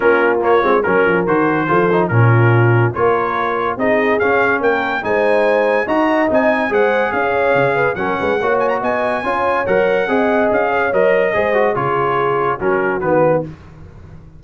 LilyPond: <<
  \new Staff \with { instrumentName = "trumpet" } { \time 4/4 \tempo 4 = 143 ais'4 cis''4 ais'4 c''4~ | c''4 ais'2 cis''4~ | cis''4 dis''4 f''4 g''4 | gis''2 ais''4 gis''4 |
fis''4 f''2 fis''4~ | fis''8 gis''16 ais''16 gis''2 fis''4~ | fis''4 f''4 dis''2 | cis''2 ais'4 b'4 | }
  \new Staff \with { instrumentName = "horn" } { \time 4/4 f'2 ais'2 | a'4 f'2 ais'4~ | ais'4 gis'2 ais'4 | c''2 dis''2 |
c''4 cis''4. b'8 ais'8 b'8 | cis''4 dis''4 cis''2 | dis''4. cis''4. c''4 | gis'2 fis'2 | }
  \new Staff \with { instrumentName = "trombone" } { \time 4/4 cis'4 ais8 c'8 cis'4 fis'4 | f'8 dis'8 cis'2 f'4~ | f'4 dis'4 cis'2 | dis'2 fis'4 dis'4 |
gis'2. cis'4 | fis'2 f'4 ais'4 | gis'2 ais'4 gis'8 fis'8 | f'2 cis'4 b4 | }
  \new Staff \with { instrumentName = "tuba" } { \time 4/4 ais4. gis8 fis8 f8 dis4 | f4 ais,2 ais4~ | ais4 c'4 cis'4 ais4 | gis2 dis'4 c'4 |
gis4 cis'4 cis4 fis8 gis8 | ais4 b4 cis'4 fis4 | c'4 cis'4 fis4 gis4 | cis2 fis4 dis4 | }
>>